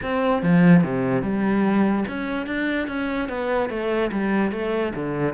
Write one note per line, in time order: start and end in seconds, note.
0.02 0.42 C4
0.42 0.83 F3
0.83 1.22 C3
1.22 2.04 G3
2.08 2.46 C#4
2.46 2.87 D4
2.87 3.28 C#4
3.29 3.69 B3
3.69 4.10 A3
4.11 4.51 G3
4.51 4.92 A3
4.95 5.34 D3